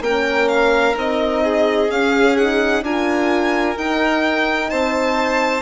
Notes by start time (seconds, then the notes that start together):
0.00 A#3 C#4 A#4 G5
0.48 F5
0.95 C4 D#4 D#5
1.43 G#4
1.89 C#4 F5
2.36 D#4 F#5
2.81 D4 F4 A#4 G#5
3.76 D#4 G5
4.70 C4 C5 A5